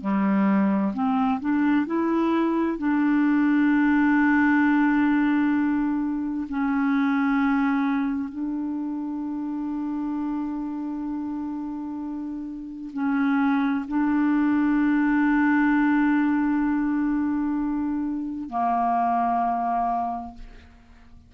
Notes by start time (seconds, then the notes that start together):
0.00 G3
0.93 C4
1.40 D4
1.86 E4
2.78 D4
6.48 C#4
8.29 D4
12.93 C#4
13.87 D4
18.49 A#3